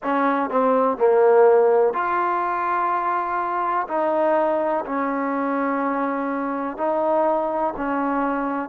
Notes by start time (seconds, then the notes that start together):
0.03 C#4
0.50 C4
0.97 A#3
1.93 F4
3.88 D#4
4.85 C#4
6.77 D#4
7.76 C#4